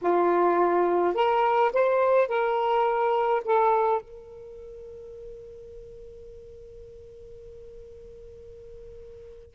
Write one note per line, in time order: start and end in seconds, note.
0.01 1.14 F4
1.14 1.71 A#4
1.72 2.28 C5
2.28 3.42 A#4
3.44 4.01 A4
4.01 9.55 A#4